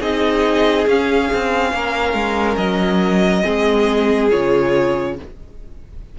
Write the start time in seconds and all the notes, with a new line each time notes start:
0.00 C4 D#4 G#4 D#5
0.87 C#4 F5
1.34 C4
1.73 A#3 A#4
2.14 G#3
2.57 F#3 D#5
3.43 G#3 C4 G#4
4.31 C#3 F4 C#5